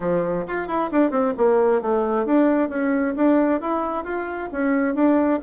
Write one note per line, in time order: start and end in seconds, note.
0.00 0.45 F3
0.47 0.67 F4
0.67 0.90 E4
0.91 1.11 D4
1.11 1.33 C4
1.37 1.81 A#3
1.81 2.25 A3
2.25 2.69 D4
2.69 3.14 C#4
3.16 3.60 D4
3.60 4.04 E4
4.04 4.49 F4
4.52 4.95 C#4
4.95 5.40 D4